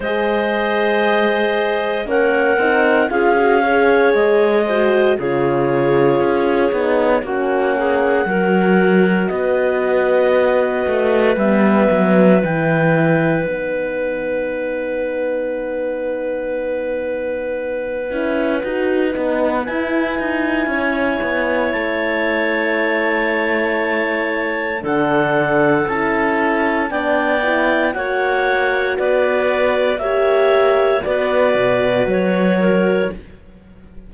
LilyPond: <<
  \new Staff \with { instrumentName = "clarinet" } { \time 4/4 \tempo 4 = 58 dis''2 fis''4 f''4 | dis''4 cis''2 fis''4~ | fis''4 dis''2 e''4 | g''4 fis''2.~ |
fis''2. gis''4~ | gis''4 a''2. | fis''4 a''4 g''4 fis''4 | d''4 e''4 d''4 cis''4 | }
  \new Staff \with { instrumentName = "clarinet" } { \time 4/4 c''2 ais'4 gis'8 cis''8~ | cis''8 c''8 gis'2 fis'8 gis'8 | ais'4 b'2.~ | b'1~ |
b'1 | cis''1 | a'2 d''4 cis''4 | b'4 cis''4 b'4. ais'8 | }
  \new Staff \with { instrumentName = "horn" } { \time 4/4 gis'2 cis'8 dis'8 f'16 fis'16 gis'8~ | gis'8 fis'8 f'4. dis'8 cis'4 | fis'2. b4 | e'4 dis'2.~ |
dis'4. e'8 fis'8 dis'8 e'4~ | e'1 | d'4 e'4 d'8 e'8 fis'4~ | fis'4 g'4 fis'2 | }
  \new Staff \with { instrumentName = "cello" } { \time 4/4 gis2 ais8 c'8 cis'4 | gis4 cis4 cis'8 b8 ais4 | fis4 b4. a8 g8 fis8 | e4 b2.~ |
b4. cis'8 dis'8 b8 e'8 dis'8 | cis'8 b8 a2. | d4 cis'4 b4 ais4 | b4 ais4 b8 b,8 fis4 | }
>>